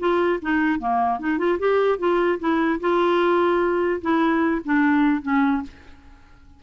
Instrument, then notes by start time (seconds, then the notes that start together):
clarinet
0.00 F4
0.42 D#4
0.80 A#3
1.20 D#4
1.39 F4
1.59 G4
1.99 F4
2.40 E4
2.81 F4
4.02 E4
4.65 D4
5.23 C#4